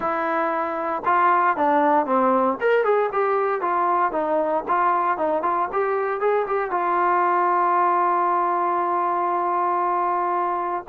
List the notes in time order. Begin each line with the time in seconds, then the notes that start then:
0.00 E4
1.05 F4
1.56 D4
2.06 C4
2.60 A#4
2.84 G#4
3.12 G4
3.61 F4
4.12 D#4
4.68 F4
5.17 D#4
5.42 F4
5.72 G4
6.20 G#4
6.47 G4
6.70 F4